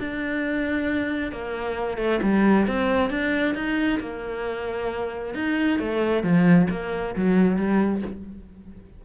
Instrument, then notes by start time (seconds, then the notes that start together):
cello
0.00 D4
1.32 A#3
1.98 A3
2.23 G3
2.68 C4
3.11 D4
3.55 D#4
4.00 A#3
5.35 D#4
5.80 A3
6.23 F3
6.71 A#3
7.16 F#3
7.57 G3